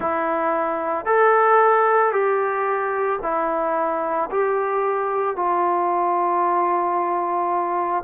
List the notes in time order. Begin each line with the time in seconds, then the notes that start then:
0.00 E4
1.05 A4
2.12 G4
3.22 E4
4.31 G4
5.36 F4